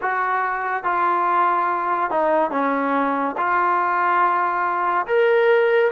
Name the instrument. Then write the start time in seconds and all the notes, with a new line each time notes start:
trombone
0.01 F#4
0.83 F4
2.10 D#4
2.50 C#4
3.37 F4
5.06 A#4